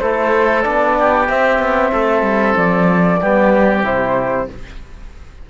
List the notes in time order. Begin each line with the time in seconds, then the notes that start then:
0.00 A3 E4 A4 C5
0.63 B3 D4 D5
0.99 G4
1.29 C4 E5
1.59 B3
1.92 A3 A4
2.23 G3
2.57 F3 D5
3.21 G3 B3 G4
3.84 C3 E4 C5